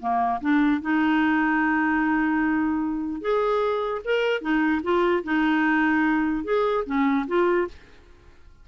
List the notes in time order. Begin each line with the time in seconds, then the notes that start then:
0.00 A#3
0.41 D4
0.81 D#4
3.21 G#4
4.05 A#4
4.41 D#4
4.83 F4
5.24 D#4
6.44 G#4
6.86 C#4
7.28 F4